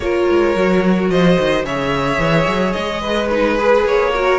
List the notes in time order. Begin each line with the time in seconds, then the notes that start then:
0.00 A#3 F4 A#4 C#5
0.30 G#3
0.55 F#3 F#4
1.09 F3 C5 D#5
1.39 D#3
1.64 C#3 G#4 C#5 E5
2.18 E3
2.47 F#3
2.72 G#3 D#5
3.01 B4
3.29 D#4 B4
3.58 G#4
3.84 A#3 C#5
4.14 F#4 A#4